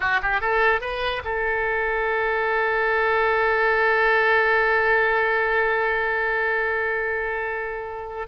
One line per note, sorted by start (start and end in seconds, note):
0.00 0.21 F#4
0.22 0.40 G4
0.40 0.81 A4
0.81 1.22 B4
1.24 8.27 A4